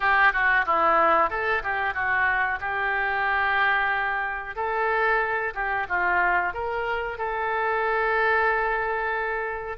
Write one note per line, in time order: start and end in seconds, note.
0.00 0.32 G4
0.32 0.65 F#4
0.66 1.30 E4
1.30 1.62 A4
1.63 1.94 G4
1.94 2.59 F#4
2.60 4.55 G4
4.55 5.53 A4
5.54 5.86 G4
5.89 6.53 F4
6.53 7.17 A#4
7.17 9.77 A4